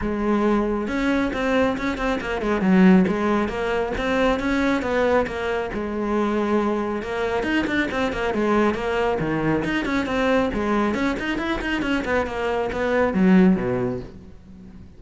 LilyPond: \new Staff \with { instrumentName = "cello" } { \time 4/4 \tempo 4 = 137 gis2 cis'4 c'4 | cis'8 c'8 ais8 gis8 fis4 gis4 | ais4 c'4 cis'4 b4 | ais4 gis2. |
ais4 dis'8 d'8 c'8 ais8 gis4 | ais4 dis4 dis'8 cis'8 c'4 | gis4 cis'8 dis'8 e'8 dis'8 cis'8 b8 | ais4 b4 fis4 b,4 | }